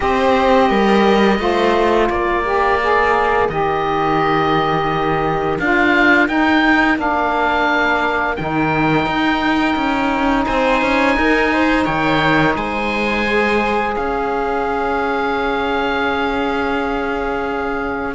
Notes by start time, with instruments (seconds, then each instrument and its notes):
0.00 cello C4, saxophone G4, viola C5, oboe D#5
0.69 cello G3, viola A#4
1.38 cello A3, saxophone F4, viola C5
2.09 cello A#3, viola A#4, oboe D5
2.44 saxophone G4
2.82 saxophone G#4
3.49 cello D#3, saxophone G4, oboe D#5
5.59 cello D4, saxophone F4, oboe F5
6.27 saxophone D#4, cello D#4, oboe G5
6.96 cello A#3, saxophone D4, oboe F5
8.36 cello D#3, saxophone D#4, oboe G5
9.06 cello D#4
9.75 cello C#4
10.46 cello C4, viola C5, oboe G#5
10.81 cello C#4
11.16 cello D#4, viola A#4
11.53 viola C5
11.84 cello D#3, viola C#5, oboe G5
12.55 cello G#3, viola C5, oboe G#5
13.26 saxophone G#4
13.96 cello C#4, viola C#5, oboe F5